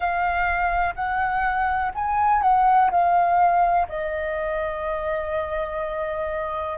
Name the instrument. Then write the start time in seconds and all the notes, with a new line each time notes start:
flute
0.00 F5
0.95 F#5
1.94 G#5
2.42 F#5
2.90 F5
3.88 D#5